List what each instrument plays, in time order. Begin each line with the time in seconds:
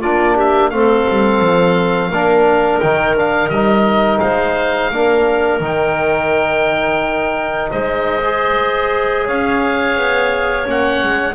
0.00 double bass A#3, trombone D4, clarinet F4, oboe D5
0.35 clarinet G4, oboe E5
0.70 double bass A3, trombone C4, clarinet A4, oboe F5
1.09 double bass G3
1.41 double bass F3
2.10 double bass A#3, trombone D4, clarinet A#4
2.80 double bass D#3, trombone D#4, oboe G5
3.17 trombone D4, oboe F5
3.49 double bass G3, trombone D#4, oboe D#5
4.19 double bass G#3, clarinet C5, oboe F5
4.91 double bass A#3, trombone D4, clarinet A#4
5.60 double bass D#3, trombone D#4, oboe G5
7.71 double bass G#3, clarinet C5, oboe D#5
8.24 trombone G#4
9.26 double bass C#4, clarinet C#5, oboe F5
9.97 double bass B3
10.65 double bass A#3, trombone C#4, oboe F#5
11.03 double bass G#3